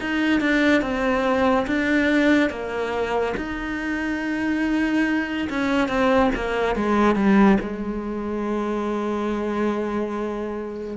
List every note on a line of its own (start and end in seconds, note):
0.00 0.40 D#4
0.40 0.81 D4
0.81 1.66 C4
1.66 2.50 D4
2.50 3.34 A#3
3.36 5.48 D#4
5.49 5.88 C#4
5.88 6.30 C4
6.35 6.75 A#3
6.75 7.15 G#3
7.15 7.57 G3
7.60 10.97 G#3